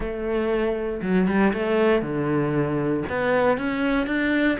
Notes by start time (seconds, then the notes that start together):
0.00 A3
1.02 F#3
1.27 G3
1.53 A3
2.02 D3
3.09 B3
3.57 C#4
4.07 D4